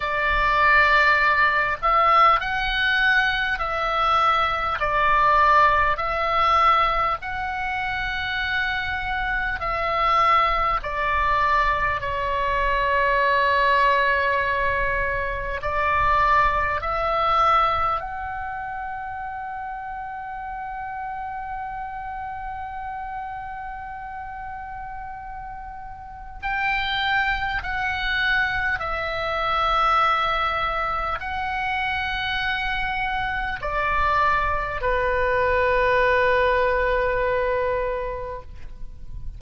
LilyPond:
\new Staff \with { instrumentName = "oboe" } { \time 4/4 \tempo 4 = 50 d''4. e''8 fis''4 e''4 | d''4 e''4 fis''2 | e''4 d''4 cis''2~ | cis''4 d''4 e''4 fis''4~ |
fis''1~ | fis''2 g''4 fis''4 | e''2 fis''2 | d''4 b'2. | }